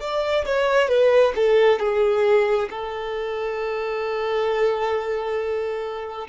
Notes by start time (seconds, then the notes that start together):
0.00 D5
0.46 C#5
0.88 B4
1.36 A4
1.80 G#4
2.70 A4